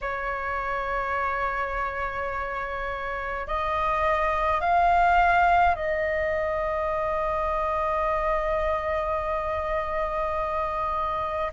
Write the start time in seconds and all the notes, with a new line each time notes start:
0.01 C#5
3.47 D#5
4.60 F5
5.75 D#5